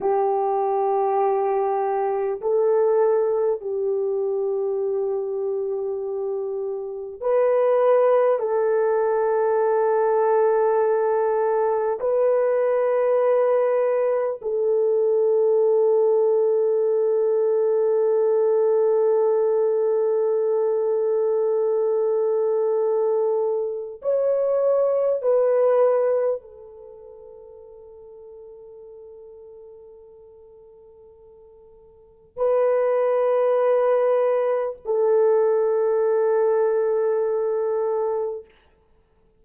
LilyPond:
\new Staff \with { instrumentName = "horn" } { \time 4/4 \tempo 4 = 50 g'2 a'4 g'4~ | g'2 b'4 a'4~ | a'2 b'2 | a'1~ |
a'1 | cis''4 b'4 a'2~ | a'2. b'4~ | b'4 a'2. | }